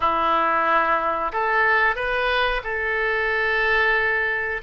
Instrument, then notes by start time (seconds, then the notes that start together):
oboe
0.00 E4
1.32 A4
1.95 B4
2.63 A4